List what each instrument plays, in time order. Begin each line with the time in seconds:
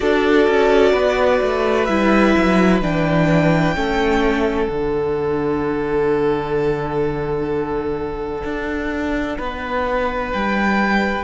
0.00 cello D4, viola F#4, violin A4 D5
0.47 cello C#4
0.92 cello B3, violin B4
1.41 cello A3
1.85 cello G3, viola E4, violin E5
2.37 cello F#3
2.81 cello E3, viola D4, violin G5
3.75 cello A3, viola C#4, violin A4
4.67 cello D3, viola D4, violin F#5
8.43 cello D4
9.37 cello B3, violin B4
10.32 cello G3, violin G5